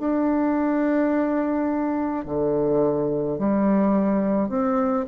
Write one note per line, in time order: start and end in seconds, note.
0.00 2.25 D4
2.25 3.39 D3
3.39 4.49 G3
4.49 5.06 C4